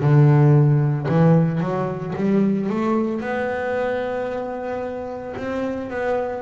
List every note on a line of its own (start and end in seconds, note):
0.00 1.07 D3
1.08 1.60 E3
1.60 2.14 F#3
2.16 2.69 G3
2.69 3.21 A3
3.21 5.35 B3
5.37 5.90 C4
5.90 6.42 B3